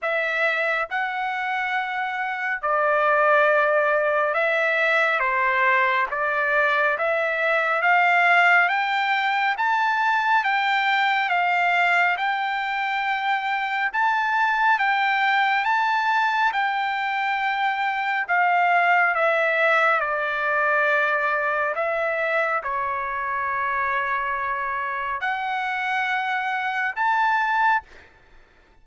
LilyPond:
\new Staff \with { instrumentName = "trumpet" } { \time 4/4 \tempo 4 = 69 e''4 fis''2 d''4~ | d''4 e''4 c''4 d''4 | e''4 f''4 g''4 a''4 | g''4 f''4 g''2 |
a''4 g''4 a''4 g''4~ | g''4 f''4 e''4 d''4~ | d''4 e''4 cis''2~ | cis''4 fis''2 a''4 | }